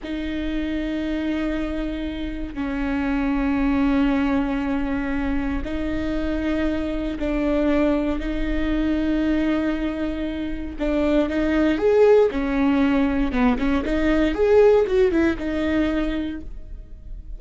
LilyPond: \new Staff \with { instrumentName = "viola" } { \time 4/4 \tempo 4 = 117 dis'1~ | dis'4 cis'2.~ | cis'2. dis'4~ | dis'2 d'2 |
dis'1~ | dis'4 d'4 dis'4 gis'4 | cis'2 b8 cis'8 dis'4 | gis'4 fis'8 e'8 dis'2 | }